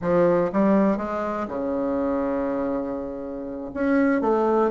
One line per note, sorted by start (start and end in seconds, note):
0.01 0.51 F3
0.52 0.97 G3
0.97 1.46 G#3
1.47 3.71 C#3
3.74 4.21 C#4
4.21 4.70 A3